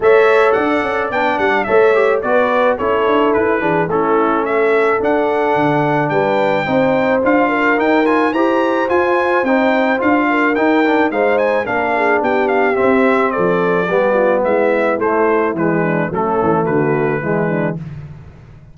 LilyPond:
<<
  \new Staff \with { instrumentName = "trumpet" } { \time 4/4 \tempo 4 = 108 e''4 fis''4 g''8 fis''8 e''4 | d''4 cis''4 b'4 a'4 | e''4 fis''2 g''4~ | g''4 f''4 g''8 gis''8 ais''4 |
gis''4 g''4 f''4 g''4 | f''8 gis''8 f''4 g''8 f''8 e''4 | d''2 e''4 c''4 | b'4 a'4 b'2 | }
  \new Staff \with { instrumentName = "horn" } { \time 4/4 cis''4 d''2 cis''4 | b'4 a'4. gis'8 e'4 | a'2. b'4 | c''4. ais'4. c''4~ |
c''2~ c''8 ais'4. | c''4 ais'8 gis'8 g'2 | a'4 g'8 f'8 e'2~ | e'8 d'8 cis'4 fis'4 e'8 d'8 | }
  \new Staff \with { instrumentName = "trombone" } { \time 4/4 a'2 d'4 a'8 g'8 | fis'4 e'4. d'8 cis'4~ | cis'4 d'2. | dis'4 f'4 dis'8 f'8 g'4 |
f'4 dis'4 f'4 dis'8 d'8 | dis'4 d'2 c'4~ | c'4 b2 a4 | gis4 a2 gis4 | }
  \new Staff \with { instrumentName = "tuba" } { \time 4/4 a4 d'8 cis'8 b8 g8 a4 | b4 cis'8 d'8 e'8 e8 a4~ | a4 d'4 d4 g4 | c'4 d'4 dis'4 e'4 |
f'4 c'4 d'4 dis'4 | gis4 ais4 b4 c'4 | f4 g4 gis4 a4 | e4 fis8 e8 d4 e4 | }
>>